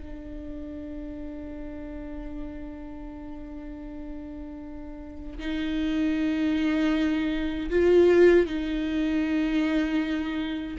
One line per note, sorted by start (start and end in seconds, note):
0.00 5.38 D4
5.39 7.70 D#4
7.70 8.47 F4
8.47 10.78 D#4